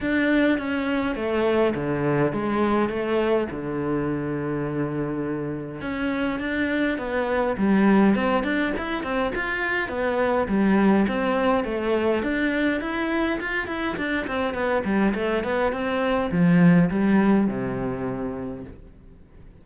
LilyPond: \new Staff \with { instrumentName = "cello" } { \time 4/4 \tempo 4 = 103 d'4 cis'4 a4 d4 | gis4 a4 d2~ | d2 cis'4 d'4 | b4 g4 c'8 d'8 e'8 c'8 |
f'4 b4 g4 c'4 | a4 d'4 e'4 f'8 e'8 | d'8 c'8 b8 g8 a8 b8 c'4 | f4 g4 c2 | }